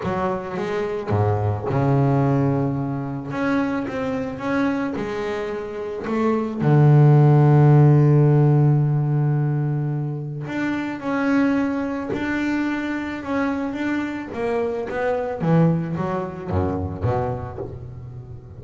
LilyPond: \new Staff \with { instrumentName = "double bass" } { \time 4/4 \tempo 4 = 109 fis4 gis4 gis,4 cis4~ | cis2 cis'4 c'4 | cis'4 gis2 a4 | d1~ |
d2. d'4 | cis'2 d'2 | cis'4 d'4 ais4 b4 | e4 fis4 fis,4 b,4 | }